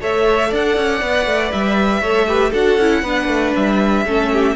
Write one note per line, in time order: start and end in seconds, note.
0.00 0.51 A3
0.00 1.01 A4
0.00 0.49 C#5
0.00 0.53 E5
0.49 0.76 D4
0.49 2.00 D5
0.49 1.51 F#5
0.76 1.01 C#4
1.01 1.25 B3
1.01 2.03 B4
1.25 1.50 A3
1.51 2.02 G3
1.51 2.52 E5
2.00 2.52 A3
2.00 2.27 A4
2.00 2.26 C#5
2.27 2.52 G4
2.27 2.50 B4
2.50 2.77 D4
2.50 2.78 F#4
2.50 3.00 A4
2.50 3.54 F#5
2.77 3.02 C#4
2.77 3.05 E4
3.02 3.27 B3
3.02 4.06 D4
3.02 4.03 B4
3.27 3.52 A3
3.55 4.05 G3
3.55 4.55 E5
4.05 4.55 A3
4.05 4.55 C#4
4.05 4.31 A4
4.32 4.55 G4